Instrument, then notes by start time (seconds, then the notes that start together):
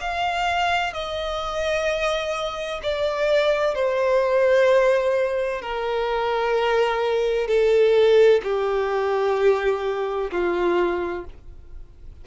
violin
0.00 F5
0.93 D#5
2.83 D5
3.75 C5
5.62 A#4
7.47 A4
8.43 G4
10.31 F4